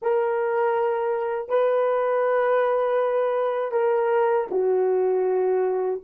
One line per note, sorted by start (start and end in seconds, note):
0.02 1.49 A#4
1.49 3.71 B4
3.71 4.46 A#4
4.50 6.00 F#4